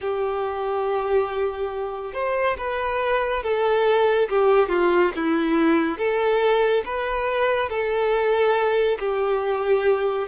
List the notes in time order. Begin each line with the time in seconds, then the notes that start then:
0.00 G4
2.14 C5
2.57 B4
3.43 A4
4.29 G4
4.68 F4
5.15 E4
5.98 A4
6.85 B4
7.69 A4
8.99 G4